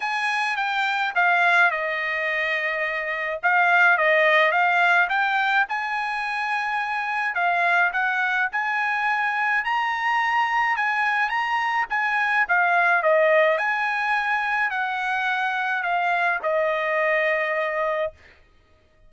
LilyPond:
\new Staff \with { instrumentName = "trumpet" } { \time 4/4 \tempo 4 = 106 gis''4 g''4 f''4 dis''4~ | dis''2 f''4 dis''4 | f''4 g''4 gis''2~ | gis''4 f''4 fis''4 gis''4~ |
gis''4 ais''2 gis''4 | ais''4 gis''4 f''4 dis''4 | gis''2 fis''2 | f''4 dis''2. | }